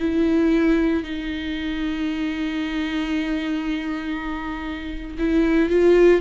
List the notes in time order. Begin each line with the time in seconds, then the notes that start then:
0.00 E4
1.04 D#4
5.19 E4
5.70 F4